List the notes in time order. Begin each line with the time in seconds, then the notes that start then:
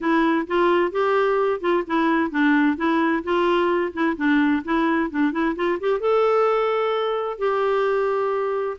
0.00 E4
0.47 F4
0.91 G4
1.60 F4
1.86 E4
2.31 D4
2.77 E4
3.23 F4
3.93 E4
4.16 D4
4.64 E4
5.10 D4
5.32 E4
5.55 F4
5.80 G4
6.00 A4
7.38 G4